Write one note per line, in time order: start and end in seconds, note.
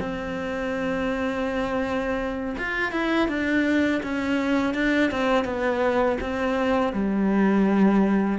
0.00 2.56 C4
2.58 2.92 F4
2.92 3.29 E4
3.29 4.02 D4
4.03 4.75 C#4
4.75 5.11 D4
5.11 5.45 C4
5.45 6.18 B3
6.21 6.93 C4
6.93 8.39 G3